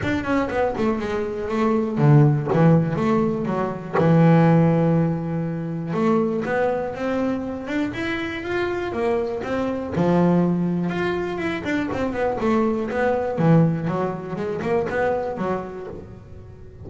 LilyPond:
\new Staff \with { instrumentName = "double bass" } { \time 4/4 \tempo 4 = 121 d'8 cis'8 b8 a8 gis4 a4 | d4 e4 a4 fis4 | e1 | a4 b4 c'4. d'8 |
e'4 f'4 ais4 c'4 | f2 f'4 e'8 d'8 | c'8 b8 a4 b4 e4 | fis4 gis8 ais8 b4 fis4 | }